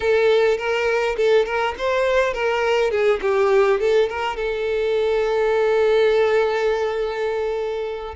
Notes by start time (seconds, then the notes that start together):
0.00 A4
0.57 A#4
1.17 A4
1.45 A#4
1.78 C5
2.33 A#4
2.90 G#4
3.21 G4
3.80 A4
4.09 A#4
4.36 A4